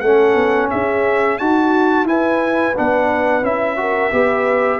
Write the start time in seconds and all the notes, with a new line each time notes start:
0.00 A3 C#4 A4 F#5
0.35 B3
0.70 C#4 G#4 E5
1.38 D#4 F#4 A5
2.04 E4 B4 G#5
2.76 B3 D4 F#5
3.43 C#4 E4 E5
3.77 F#4 A#4
4.12 B3 G4 B4